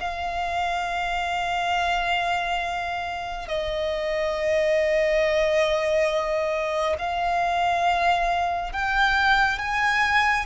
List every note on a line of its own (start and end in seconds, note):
0.00 3.48 F5
3.48 6.96 D#5
6.98 8.72 F5
8.73 9.58 G5
9.58 10.45 G#5